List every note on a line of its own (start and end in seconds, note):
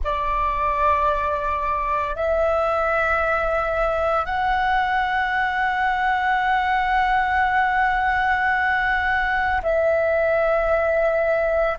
0.03 2.15 D5
2.15 4.25 E5
4.25 9.61 F#5
9.62 11.77 E5